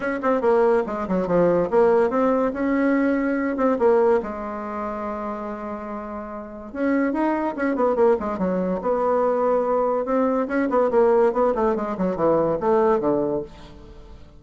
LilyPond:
\new Staff \with { instrumentName = "bassoon" } { \time 4/4 \tempo 4 = 143 cis'8 c'8 ais4 gis8 fis8 f4 | ais4 c'4 cis'2~ | cis'8 c'8 ais4 gis2~ | gis1 |
cis'4 dis'4 cis'8 b8 ais8 gis8 | fis4 b2. | c'4 cis'8 b8 ais4 b8 a8 | gis8 fis8 e4 a4 d4 | }